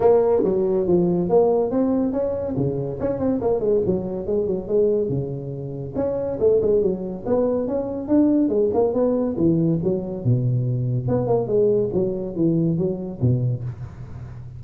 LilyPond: \new Staff \with { instrumentName = "tuba" } { \time 4/4 \tempo 4 = 141 ais4 fis4 f4 ais4 | c'4 cis'4 cis4 cis'8 c'8 | ais8 gis8 fis4 gis8 fis8 gis4 | cis2 cis'4 a8 gis8 |
fis4 b4 cis'4 d'4 | gis8 ais8 b4 e4 fis4 | b,2 b8 ais8 gis4 | fis4 e4 fis4 b,4 | }